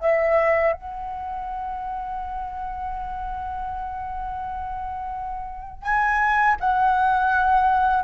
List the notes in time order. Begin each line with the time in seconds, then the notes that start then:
0.00 E5
0.73 F#5
5.83 G#5
6.60 F#5